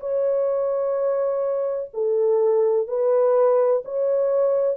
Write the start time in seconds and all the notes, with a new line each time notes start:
0.00 C#5
1.94 A4
2.88 B4
3.85 C#5